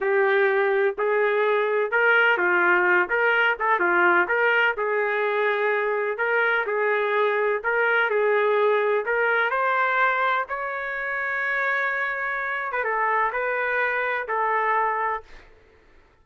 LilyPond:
\new Staff \with { instrumentName = "trumpet" } { \time 4/4 \tempo 4 = 126 g'2 gis'2 | ais'4 f'4. ais'4 a'8 | f'4 ais'4 gis'2~ | gis'4 ais'4 gis'2 |
ais'4 gis'2 ais'4 | c''2 cis''2~ | cis''2~ cis''8. b'16 a'4 | b'2 a'2 | }